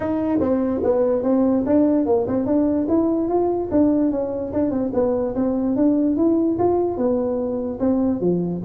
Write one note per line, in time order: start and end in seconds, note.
0.00 0.39 D#4
0.40 0.81 C4
0.83 1.22 B3
1.22 1.63 C4
1.66 2.05 D4
2.05 2.26 A#3
2.27 2.45 C4
2.45 2.87 D4
2.88 3.28 E4
3.28 3.69 F4
3.71 4.11 D4
4.11 4.52 C#4
4.52 4.70 D4
4.70 4.91 C4
4.93 5.34 B3
5.35 5.76 C4
5.76 6.16 D4
6.16 6.57 E4
6.58 6.97 F4
6.97 7.79 B3
7.79 8.20 C4
8.20 8.61 F3